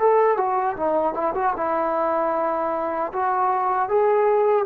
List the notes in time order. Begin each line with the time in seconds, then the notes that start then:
0.00 A4
0.37 F#4
0.77 D#4
1.14 E4
1.35 F#4
1.57 E4
3.13 F#4
3.89 G#4